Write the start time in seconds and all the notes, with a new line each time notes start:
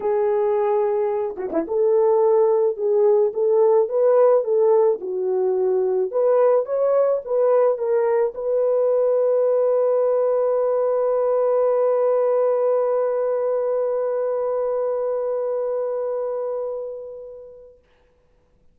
0.00 G#4
1.36 F#4
1.52 E4
1.67 A4
2.76 G#4
3.33 A4
3.88 B4
4.43 A4
5.01 F#4
6.11 B4
6.65 C#5
7.24 B4
7.78 A#4
8.34 B4